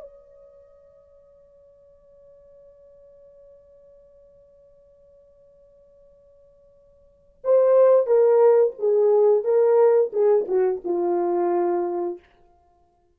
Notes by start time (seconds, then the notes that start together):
0.00 C#5
7.43 C5
8.06 A#4
8.78 G#4
9.44 A#4
10.12 G#4
10.48 F#4
10.84 F4